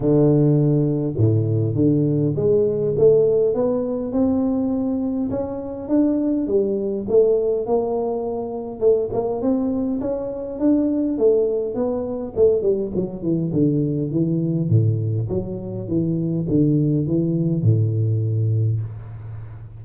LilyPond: \new Staff \with { instrumentName = "tuba" } { \time 4/4 \tempo 4 = 102 d2 a,4 d4 | gis4 a4 b4 c'4~ | c'4 cis'4 d'4 g4 | a4 ais2 a8 ais8 |
c'4 cis'4 d'4 a4 | b4 a8 g8 fis8 e8 d4 | e4 a,4 fis4 e4 | d4 e4 a,2 | }